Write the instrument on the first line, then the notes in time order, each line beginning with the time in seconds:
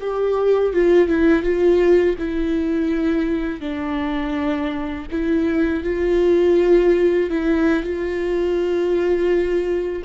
viola
0.00 G4
0.73 F4
1.07 E4
1.42 F4
2.18 E4
3.60 D4
5.11 E4
5.83 F4
7.30 E4
7.83 F4